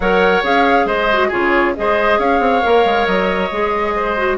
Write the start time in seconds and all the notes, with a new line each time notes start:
0.00 F#3 A#4 C#5 F#5
0.43 C#4 G#4 F5
0.85 G#3 C5 D#5
1.12 F#4
1.28 C#3 F4 G#4 C#5
1.75 G#3 G#4 C5 D#5
2.18 C#4 C#5 F5
2.39 C4
2.62 A#3 A#4
2.84 G#3
3.06 F#3 D#5
3.51 G#3 G#4
3.95 C5
4.17 F#4